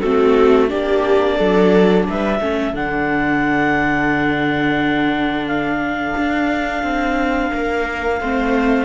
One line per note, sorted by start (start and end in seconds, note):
0.00 0.72 A3
0.00 0.68 C4
0.00 0.69 F#4
0.00 0.68 A4
0.68 1.40 A#3
0.68 2.39 D4
0.68 1.36 G4
0.68 2.06 D5
1.36 2.08 F#3
1.36 2.04 A4
2.10 2.40 G3
2.10 2.42 B4
2.10 2.76 E5
2.40 2.74 A3
2.40 2.75 C#4
2.40 7.51 A4
2.74 6.14 D3
2.74 8.20 D4
2.74 5.47 F#5
5.47 8.86 F5
6.18 6.84 D4
6.84 7.52 C4
7.51 8.22 A#3
7.51 8.19 A#4
8.21 8.86 A3
8.21 8.86 C4
8.21 8.86 C5